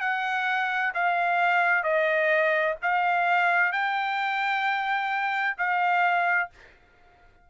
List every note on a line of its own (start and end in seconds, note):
0.00 0.92 F#5
0.94 1.83 F5
1.83 2.76 D#5
2.82 3.72 F5
3.72 5.56 G5
5.57 6.50 F5